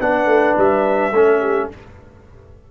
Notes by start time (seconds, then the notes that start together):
0.00 B3 D4 B4 F#5
0.26 A3
0.57 G3 E5
1.12 A3 C#4 A4
1.41 G4